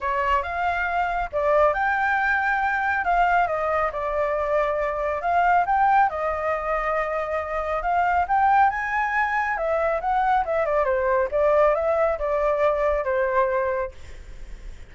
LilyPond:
\new Staff \with { instrumentName = "flute" } { \time 4/4 \tempo 4 = 138 cis''4 f''2 d''4 | g''2. f''4 | dis''4 d''2. | f''4 g''4 dis''2~ |
dis''2 f''4 g''4 | gis''2 e''4 fis''4 | e''8 d''8 c''4 d''4 e''4 | d''2 c''2 | }